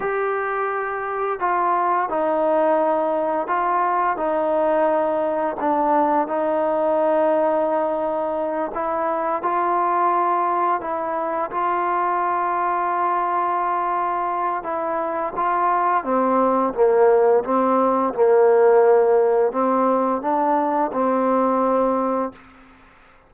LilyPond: \new Staff \with { instrumentName = "trombone" } { \time 4/4 \tempo 4 = 86 g'2 f'4 dis'4~ | dis'4 f'4 dis'2 | d'4 dis'2.~ | dis'8 e'4 f'2 e'8~ |
e'8 f'2.~ f'8~ | f'4 e'4 f'4 c'4 | ais4 c'4 ais2 | c'4 d'4 c'2 | }